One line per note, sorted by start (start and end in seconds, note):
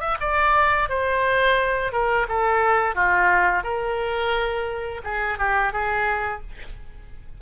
0.00 0.17 E5
0.20 0.89 D5
0.89 1.92 C5
1.92 2.26 A#4
2.29 2.95 A4
2.95 3.63 F4
3.63 5.01 A#4
5.04 5.38 G#4
5.38 5.72 G4
5.72 6.41 G#4